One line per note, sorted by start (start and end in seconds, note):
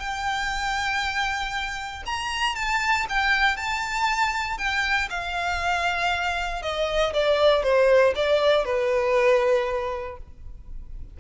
0.00 2.03 G5
2.06 2.56 A#5
2.56 3.06 A5
3.09 3.57 G5
3.57 4.58 A5
4.58 5.09 G5
5.10 6.62 F5
6.62 7.13 D#5
7.14 7.63 D5
7.63 8.14 C5
8.16 8.65 D5
8.65 10.18 B4